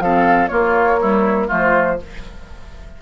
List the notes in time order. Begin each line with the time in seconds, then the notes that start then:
0.00 F3 C4 A4 F5
0.48 A#3 F4 C#5
1.00 G3 E4
1.48 F3 A3 F4 C5